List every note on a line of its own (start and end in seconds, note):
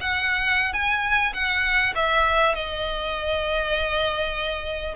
0.00 0.73 F#5
0.73 1.33 G#5
1.33 1.93 F#5
1.95 2.55 E5
2.55 4.95 D#5